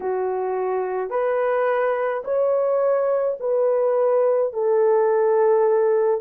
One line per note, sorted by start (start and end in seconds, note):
0.00 1.10 F#4
1.10 2.23 B4
2.24 3.37 C#5
3.40 4.53 B4
4.53 6.20 A4